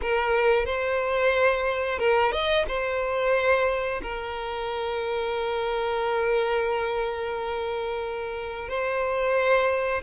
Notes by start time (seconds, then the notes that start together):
0.02 A#4
0.65 C5
1.98 A#4
2.32 D#5
2.68 C5
4.02 A#4
8.68 C5